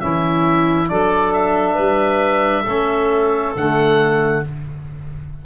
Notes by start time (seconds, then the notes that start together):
0.00 E3 C#4 E4 E5
0.88 F#3 D4 A4 D5
1.33 E5
1.74 G3 B4
2.63 A3 C#4 A4
3.56 D3 A3 F#5